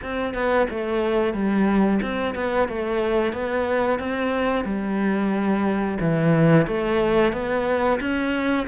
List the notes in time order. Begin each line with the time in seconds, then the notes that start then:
0.02 C4
0.34 B3
0.70 A3
1.33 G3
2.02 C4
2.35 B3
2.68 A3
3.32 B3
3.99 C4
4.65 G3
6.00 E3
6.67 A3
7.32 B3
8.00 C#4